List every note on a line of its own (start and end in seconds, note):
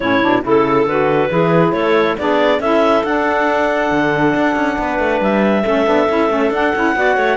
0.00 0.22 A2
0.00 0.21 C#4
0.00 0.43 E4
0.00 0.42 C#5
0.21 0.43 B2
0.21 0.42 D4
0.42 0.85 C#3
0.42 0.86 E4
0.42 1.30 A4
0.42 0.87 A4
0.85 1.29 D3
0.85 1.29 F#4
0.85 1.72 B4
1.29 1.72 E3
1.29 2.15 E4
1.29 1.74 G#4
1.72 2.15 A3
1.72 2.17 A4
1.72 2.16 C#5
2.17 2.59 B3
2.17 2.61 D4
2.17 2.60 G#4
2.17 2.61 D5
2.59 3.03 C#4
2.59 3.05 E4
2.59 4.77 A4
2.59 3.04 E5
3.03 3.90 D4
3.03 5.64 D4
3.03 5.21 F#5
3.91 4.34 D3
4.35 4.55 D4
4.55 4.77 C#4
4.78 4.99 B3
4.78 5.63 B4
4.99 5.20 A3
5.20 5.63 G3
5.20 6.53 E5
5.63 5.86 A3
5.63 5.86 C#4
5.63 6.94 A4
5.86 6.08 B3
5.86 6.07 D4
6.08 6.29 C#4
6.08 6.29 E4
6.29 6.50 A3
6.29 6.51 C#4
6.50 6.72 D4
6.50 6.75 D4
6.50 7.37 F#5
6.75 6.95 C#4
6.75 6.95 E4
6.95 7.17 B3
6.95 7.37 F#4
6.95 7.15 D5
7.15 7.37 A3
7.15 7.37 C#5